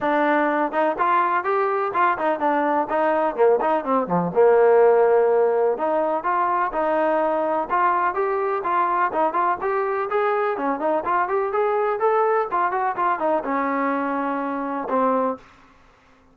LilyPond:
\new Staff \with { instrumentName = "trombone" } { \time 4/4 \tempo 4 = 125 d'4. dis'8 f'4 g'4 | f'8 dis'8 d'4 dis'4 ais8 dis'8 | c'8 f8 ais2. | dis'4 f'4 dis'2 |
f'4 g'4 f'4 dis'8 f'8 | g'4 gis'4 cis'8 dis'8 f'8 g'8 | gis'4 a'4 f'8 fis'8 f'8 dis'8 | cis'2. c'4 | }